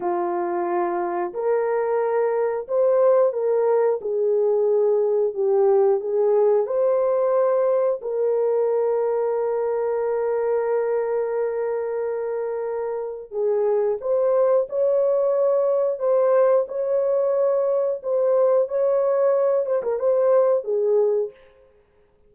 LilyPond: \new Staff \with { instrumentName = "horn" } { \time 4/4 \tempo 4 = 90 f'2 ais'2 | c''4 ais'4 gis'2 | g'4 gis'4 c''2 | ais'1~ |
ais'1 | gis'4 c''4 cis''2 | c''4 cis''2 c''4 | cis''4. c''16 ais'16 c''4 gis'4 | }